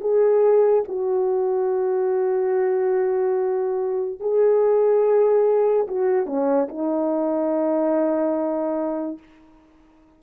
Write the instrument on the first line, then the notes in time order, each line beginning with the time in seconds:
horn
0.00 G#4
0.87 F#4
4.20 G#4
5.87 F#4
6.26 C#4
6.69 D#4